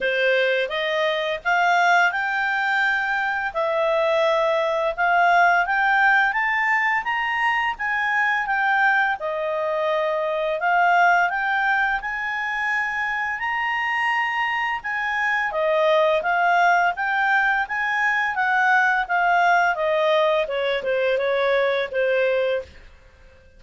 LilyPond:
\new Staff \with { instrumentName = "clarinet" } { \time 4/4 \tempo 4 = 85 c''4 dis''4 f''4 g''4~ | g''4 e''2 f''4 | g''4 a''4 ais''4 gis''4 | g''4 dis''2 f''4 |
g''4 gis''2 ais''4~ | ais''4 gis''4 dis''4 f''4 | g''4 gis''4 fis''4 f''4 | dis''4 cis''8 c''8 cis''4 c''4 | }